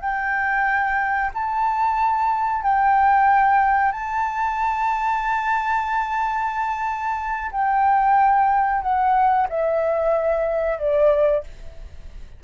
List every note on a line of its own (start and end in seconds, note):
0.00 1.30 G5
1.34 2.62 A5
2.62 3.92 G5
3.92 7.51 A5
7.51 8.82 G5
8.82 9.47 F#5
9.49 10.78 E5
10.78 11.43 D5